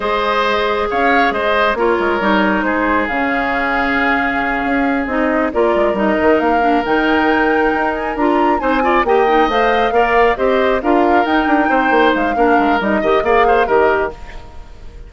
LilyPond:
<<
  \new Staff \with { instrumentName = "flute" } { \time 4/4 \tempo 4 = 136 dis''2 f''4 dis''4 | cis''2 c''4 f''4~ | f''2.~ f''8 dis''8~ | dis''8 d''4 dis''4 f''4 g''8~ |
g''2 gis''8 ais''4 gis''8~ | gis''8 g''4 f''2 dis''8~ | dis''8 f''4 g''2 f''8~ | f''4 dis''4 f''4 dis''4 | }
  \new Staff \with { instrumentName = "oboe" } { \time 4/4 c''2 cis''4 c''4 | ais'2 gis'2~ | gis'1~ | gis'8 ais'2.~ ais'8~ |
ais'2.~ ais'8 c''8 | d''8 dis''2 d''4 c''8~ | c''8 ais'2 c''4. | ais'4. dis''8 d''8 c''8 ais'4 | }
  \new Staff \with { instrumentName = "clarinet" } { \time 4/4 gis'1 | f'4 dis'2 cis'4~ | cis'2.~ cis'8 dis'8~ | dis'8 f'4 dis'4. d'8 dis'8~ |
dis'2~ dis'8 f'4 dis'8 | f'8 g'8 dis'8 c''4 ais'4 g'8~ | g'8 f'4 dis'2~ dis'8 | d'4 dis'8 g'8 gis'4 g'4 | }
  \new Staff \with { instrumentName = "bassoon" } { \time 4/4 gis2 cis'4 gis4 | ais8 gis8 g4 gis4 cis4~ | cis2~ cis8 cis'4 c'8~ | c'8 ais8 gis8 g8 dis8 ais4 dis8~ |
dis4. dis'4 d'4 c'8~ | c'8 ais4 a4 ais4 c'8~ | c'8 d'4 dis'8 d'8 c'8 ais8 gis8 | ais8 gis8 g8 dis8 ais4 dis4 | }
>>